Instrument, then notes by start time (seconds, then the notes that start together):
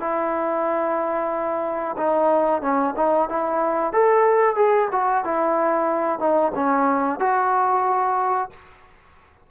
trombone
0.00 E4
1.97 D#4
2.61 C#4
2.96 D#4
3.29 E4
3.93 A4
4.56 G#4
4.92 F#4
5.24 E4
6.19 D#4
6.55 C#4
7.19 F#4